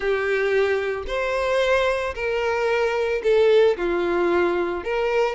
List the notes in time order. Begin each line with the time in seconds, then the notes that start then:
0.00 G4
1.07 C5
2.15 A#4
3.23 A4
3.77 F4
4.84 A#4